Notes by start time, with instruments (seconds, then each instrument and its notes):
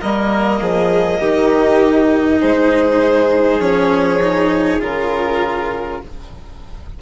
0.00 bassoon G3, cello A#3, violin A#4 D#5
0.61 bassoon F3, violin G#4
1.20 bassoon D#3, cello D#4, violin G4
2.39 bassoon G#3, violin G#4 C5
3.60 bassoon F3, cello C#4, violin C#5
4.22 cello D#4
4.80 bassoon C#3, cello F4, violin A#4